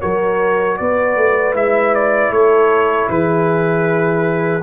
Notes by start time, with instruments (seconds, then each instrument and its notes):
0.00 tuba F#3, trombone F#4, horn A#4, trumpet C#5
0.77 tuba B3, horn B4, trumpet D5
1.16 tuba A3
1.53 tuba G#3, trombone E4, trumpet E5
1.94 trumpet D5
2.30 tuba A3, horn A4, trumpet C#5
3.09 tuba E3, horn G#4, trumpet B4